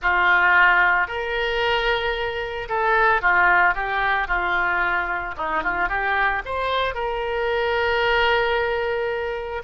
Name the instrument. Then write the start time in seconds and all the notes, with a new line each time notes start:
oboe
0.01 F4
1.07 A#4
2.69 A4
3.21 F4
3.74 G4
4.27 F4
5.37 D#4
5.63 F4
5.88 G4
6.45 C5
6.94 A#4